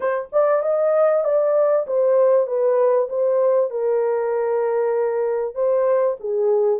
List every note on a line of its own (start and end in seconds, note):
0.00 0.29 C5
0.32 0.62 D5
0.62 1.24 D#5
1.24 1.86 D5
1.86 2.46 C5
2.46 3.08 B4
3.09 3.70 C5
3.70 5.54 A#4
5.54 6.16 C5
6.20 6.79 G#4